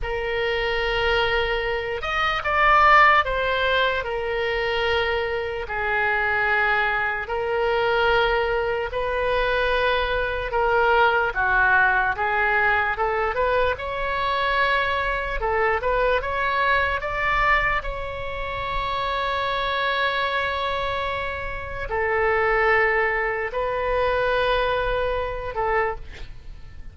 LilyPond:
\new Staff \with { instrumentName = "oboe" } { \time 4/4 \tempo 4 = 74 ais'2~ ais'8 dis''8 d''4 | c''4 ais'2 gis'4~ | gis'4 ais'2 b'4~ | b'4 ais'4 fis'4 gis'4 |
a'8 b'8 cis''2 a'8 b'8 | cis''4 d''4 cis''2~ | cis''2. a'4~ | a'4 b'2~ b'8 a'8 | }